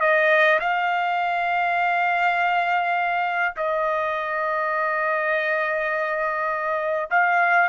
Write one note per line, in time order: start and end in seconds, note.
0.00 0.59 D#5
0.60 3.54 F5
3.56 7.09 D#5
7.10 7.69 F5